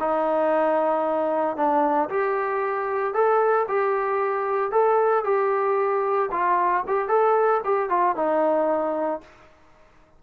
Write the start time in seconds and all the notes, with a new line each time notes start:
0.00 D#4
1.57 D4
2.10 G4
3.14 A4
3.69 G4
4.72 A4
5.25 G4
6.32 F4
6.88 G4
7.09 A4
7.65 G4
7.90 F4
8.16 D#4